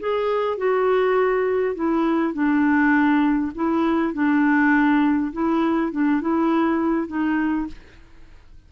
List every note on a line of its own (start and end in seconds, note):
0.00 0.58 G#4
0.58 1.75 F#4
1.75 2.34 E4
2.34 3.52 D4
3.55 4.14 E4
4.14 5.32 D4
5.33 5.92 E4
5.92 6.21 D4
6.21 7.08 E4
7.08 7.67 D#4